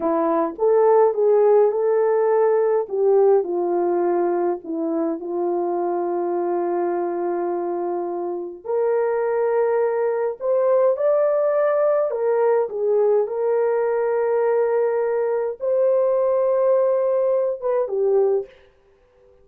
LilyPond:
\new Staff \with { instrumentName = "horn" } { \time 4/4 \tempo 4 = 104 e'4 a'4 gis'4 a'4~ | a'4 g'4 f'2 | e'4 f'2.~ | f'2. ais'4~ |
ais'2 c''4 d''4~ | d''4 ais'4 gis'4 ais'4~ | ais'2. c''4~ | c''2~ c''8 b'8 g'4 | }